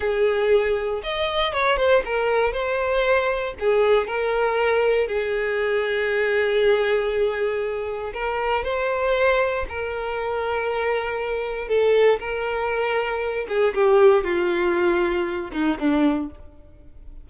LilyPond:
\new Staff \with { instrumentName = "violin" } { \time 4/4 \tempo 4 = 118 gis'2 dis''4 cis''8 c''8 | ais'4 c''2 gis'4 | ais'2 gis'2~ | gis'1 |
ais'4 c''2 ais'4~ | ais'2. a'4 | ais'2~ ais'8 gis'8 g'4 | f'2~ f'8 dis'8 d'4 | }